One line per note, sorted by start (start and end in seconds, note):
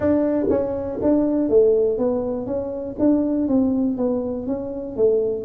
0.00 0.46 D4
0.49 0.99 C#4
1.01 1.49 D4
1.49 1.98 A3
1.98 2.46 B3
2.46 2.96 C#4
2.99 3.48 D4
3.48 3.97 C4
3.97 4.46 B3
4.47 4.96 C#4
4.96 5.44 A3